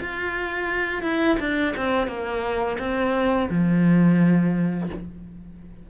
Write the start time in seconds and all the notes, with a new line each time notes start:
0.00 F4
1.03 E4
1.40 D4
1.77 C4
2.07 A#3
2.79 C4
3.50 F3